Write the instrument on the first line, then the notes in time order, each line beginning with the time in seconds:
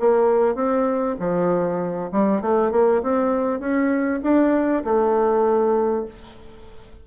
bassoon
0.00 A#3
0.55 C4
1.20 F3
2.12 G3
2.41 A3
2.71 A#3
3.02 C4
3.60 C#4
4.23 D4
4.84 A3